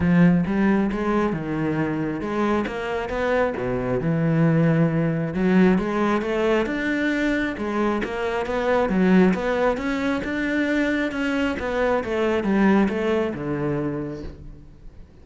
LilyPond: \new Staff \with { instrumentName = "cello" } { \time 4/4 \tempo 4 = 135 f4 g4 gis4 dis4~ | dis4 gis4 ais4 b4 | b,4 e2. | fis4 gis4 a4 d'4~ |
d'4 gis4 ais4 b4 | fis4 b4 cis'4 d'4~ | d'4 cis'4 b4 a4 | g4 a4 d2 | }